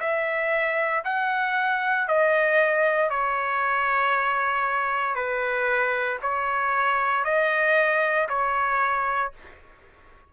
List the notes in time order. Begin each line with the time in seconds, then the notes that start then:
0.00 E5
1.04 F#5
2.08 D#5
3.10 C#5
5.15 B4
6.22 C#5
7.24 D#5
8.29 C#5